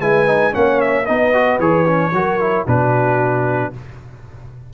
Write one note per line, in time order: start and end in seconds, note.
0.00 0.53 G#3
0.00 0.26 E4
0.00 0.53 B4
0.00 0.53 G#5
0.26 0.51 D#4
0.51 1.08 A#3
0.51 1.04 C#4
0.51 1.06 C#5
0.51 0.80 F#5
0.80 1.05 E5
1.05 1.59 B3
1.05 1.33 D#4
1.05 2.14 B4
1.05 1.58 D#5
1.33 1.60 F#4
1.59 2.12 E3
1.59 1.86 G#4
1.59 2.66 C#5
1.86 2.12 C#4
2.12 2.65 F#3
2.12 2.39 F#4
2.12 2.67 A#4
2.39 2.66 E4
2.66 3.73 B2
2.66 3.72 D4
2.66 3.73 F#4
2.66 3.73 B4